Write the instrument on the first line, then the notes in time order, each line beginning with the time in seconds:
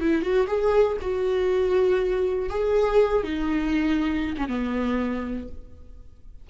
viola
0.00 E4
0.22 F#4
0.47 G#4
1.01 F#4
2.49 G#4
3.23 D#4
4.37 C#4
4.47 B3